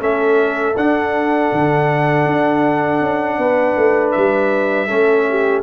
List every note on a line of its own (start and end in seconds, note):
0.00 0.75 A3
0.00 0.75 C#4
0.00 3.39 A4
0.00 0.76 E5
0.76 1.51 D4
0.76 4.88 D4
0.76 4.11 F#5
1.52 2.26 D3
2.26 3.01 D4
3.01 3.38 C#4
3.38 3.75 B3
3.38 4.88 B4
3.77 4.14 A3
4.11 4.91 G3
4.11 5.61 E5
4.88 5.63 A3
4.88 5.63 C#4
4.88 5.25 A4
5.29 5.63 G4